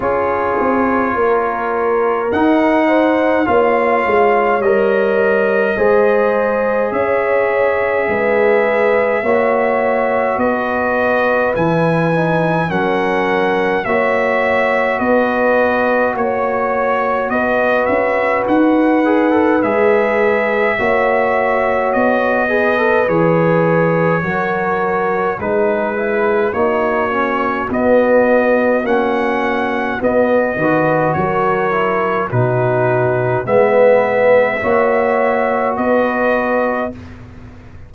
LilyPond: <<
  \new Staff \with { instrumentName = "trumpet" } { \time 4/4 \tempo 4 = 52 cis''2 fis''4 f''4 | dis''2 e''2~ | e''4 dis''4 gis''4 fis''4 | e''4 dis''4 cis''4 dis''8 e''8 |
fis''4 e''2 dis''4 | cis''2 b'4 cis''4 | dis''4 fis''4 dis''4 cis''4 | b'4 e''2 dis''4 | }
  \new Staff \with { instrumentName = "horn" } { \time 4/4 gis'4 ais'4. c''8 cis''4~ | cis''4 c''4 cis''4 b'4 | cis''4 b'2 ais'4 | cis''4 b'4 cis''4 b'4~ |
b'2 cis''4. b'8~ | b'4 ais'4 gis'4 fis'4~ | fis'2~ fis'8 b'8 ais'4 | fis'4 b'4 cis''4 b'4 | }
  \new Staff \with { instrumentName = "trombone" } { \time 4/4 f'2 dis'4 f'4 | ais'4 gis'2. | fis'2 e'8 dis'8 cis'4 | fis'1~ |
fis'8 gis'16 a'16 gis'4 fis'4. gis'16 a'16 | gis'4 fis'4 dis'8 e'8 dis'8 cis'8 | b4 cis'4 b8 fis'4 e'8 | dis'4 b4 fis'2 | }
  \new Staff \with { instrumentName = "tuba" } { \time 4/4 cis'8 c'8 ais4 dis'4 ais8 gis8 | g4 gis4 cis'4 gis4 | ais4 b4 e4 fis4 | ais4 b4 ais4 b8 cis'8 |
dis'4 gis4 ais4 b4 | e4 fis4 gis4 ais4 | b4 ais4 b8 dis8 fis4 | b,4 gis4 ais4 b4 | }
>>